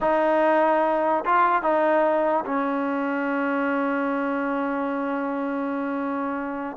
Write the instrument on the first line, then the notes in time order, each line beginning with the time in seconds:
trombone
0.01 D#4
1.25 F4
1.62 D#4
2.45 C#4